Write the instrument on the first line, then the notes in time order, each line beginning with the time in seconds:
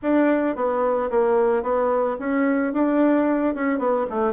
bassoon
0.02 D4
0.55 B3
1.10 A#3
1.62 B3
2.19 C#4
2.73 D4
3.54 C#4
3.79 B3
4.09 A3